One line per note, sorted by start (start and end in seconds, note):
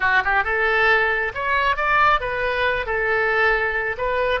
0.00 0.22 F#4
0.24 0.44 G4
0.44 1.32 A4
1.34 1.76 C#5
1.76 2.20 D5
2.20 2.86 B4
2.86 3.96 A4
3.97 4.40 B4